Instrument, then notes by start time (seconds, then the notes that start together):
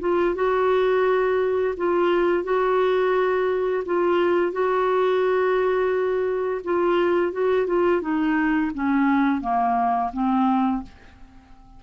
clarinet
0.00 F4
0.35 F#4
1.77 F4
2.44 F#4
3.86 F4
4.52 F#4
6.64 F4
7.33 F#4
7.67 F4
8.01 D#4
8.74 C#4
9.41 A#3
10.13 C4